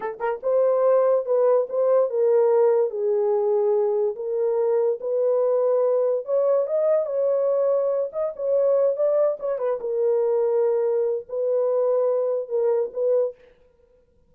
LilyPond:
\new Staff \with { instrumentName = "horn" } { \time 4/4 \tempo 4 = 144 a'8 ais'8 c''2 b'4 | c''4 ais'2 gis'4~ | gis'2 ais'2 | b'2. cis''4 |
dis''4 cis''2~ cis''8 dis''8 | cis''4. d''4 cis''8 b'8 ais'8~ | ais'2. b'4~ | b'2 ais'4 b'4 | }